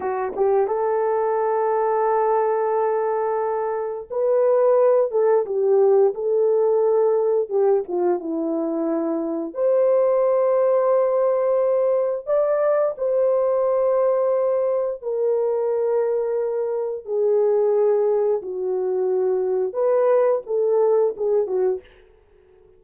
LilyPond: \new Staff \with { instrumentName = "horn" } { \time 4/4 \tempo 4 = 88 fis'8 g'8 a'2.~ | a'2 b'4. a'8 | g'4 a'2 g'8 f'8 | e'2 c''2~ |
c''2 d''4 c''4~ | c''2 ais'2~ | ais'4 gis'2 fis'4~ | fis'4 b'4 a'4 gis'8 fis'8 | }